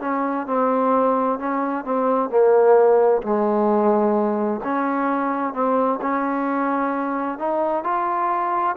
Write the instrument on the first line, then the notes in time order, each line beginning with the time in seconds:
trombone
0.00 C#4
0.46 C4
1.38 C#4
1.84 C4
2.29 A#3
3.22 G#3
4.63 C#4
5.53 C4
6.01 C#4
7.38 D#4
7.83 F4